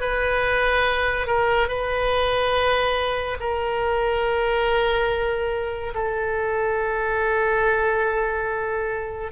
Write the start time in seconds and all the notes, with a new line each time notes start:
0.00 B4
1.26 A#4
1.68 B4
3.40 A#4
5.94 A4